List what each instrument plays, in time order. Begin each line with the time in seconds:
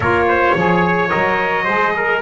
0.00 double bass A#3, saxophone F4, trumpet A#4 C#5
0.28 trumpet C5
0.54 double bass F3, saxophone G#4, trumpet C#5
1.08 double bass F#3, saxophone A#4, trumpet D#5
1.64 double bass G#3, saxophone G#4, trumpet C5
1.96 trumpet A#4